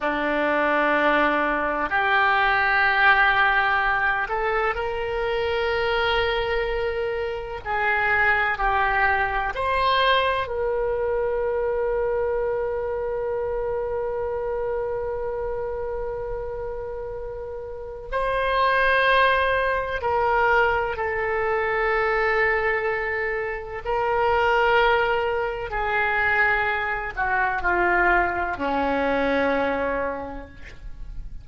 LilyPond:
\new Staff \with { instrumentName = "oboe" } { \time 4/4 \tempo 4 = 63 d'2 g'2~ | g'8 a'8 ais'2. | gis'4 g'4 c''4 ais'4~ | ais'1~ |
ais'2. c''4~ | c''4 ais'4 a'2~ | a'4 ais'2 gis'4~ | gis'8 fis'8 f'4 cis'2 | }